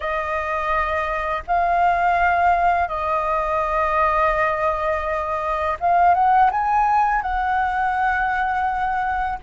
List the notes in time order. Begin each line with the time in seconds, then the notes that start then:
0.00 D#5
1.47 F5
2.88 D#5
5.80 F5
6.14 F#5
6.51 G#5
7.22 F#5